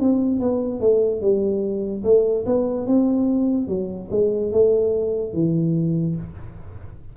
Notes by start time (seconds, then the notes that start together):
0.00 C4
0.40 B3
0.81 A3
1.22 G3
2.04 A3
2.46 B3
2.87 C4
3.68 F#3
4.11 G#3
4.52 A3
5.34 E3